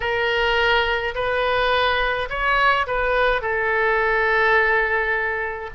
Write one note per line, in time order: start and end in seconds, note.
0.00 1.14 A#4
1.14 2.29 B4
2.29 2.86 C#5
2.86 3.41 B4
3.41 5.70 A4